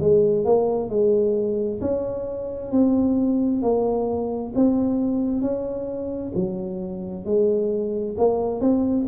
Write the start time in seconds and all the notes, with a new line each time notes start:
0.00 G#3
0.45 A#3
0.89 G#3
1.81 C#4
2.71 C4
3.62 A#3
4.55 C4
5.41 C#4
6.35 F#3
7.25 G#3
8.18 A#3
8.60 C4